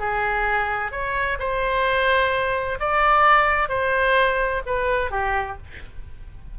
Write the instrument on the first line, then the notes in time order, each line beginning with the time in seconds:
oboe
0.00 G#4
0.92 C#5
1.40 C5
2.80 D5
3.69 C5
4.66 B4
5.11 G4